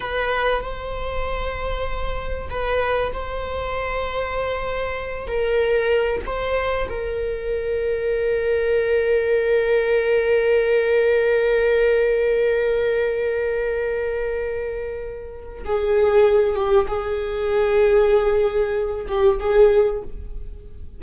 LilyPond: \new Staff \with { instrumentName = "viola" } { \time 4/4 \tempo 4 = 96 b'4 c''2. | b'4 c''2.~ | c''8 ais'4. c''4 ais'4~ | ais'1~ |
ais'1~ | ais'1~ | ais'4 gis'4. g'8 gis'4~ | gis'2~ gis'8 g'8 gis'4 | }